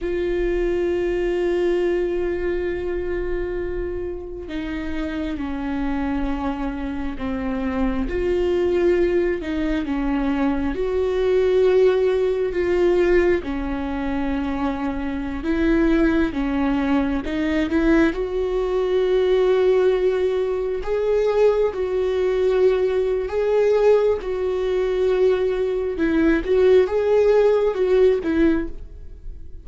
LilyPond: \new Staff \with { instrumentName = "viola" } { \time 4/4 \tempo 4 = 67 f'1~ | f'4 dis'4 cis'2 | c'4 f'4. dis'8 cis'4 | fis'2 f'4 cis'4~ |
cis'4~ cis'16 e'4 cis'4 dis'8 e'16~ | e'16 fis'2. gis'8.~ | gis'16 fis'4.~ fis'16 gis'4 fis'4~ | fis'4 e'8 fis'8 gis'4 fis'8 e'8 | }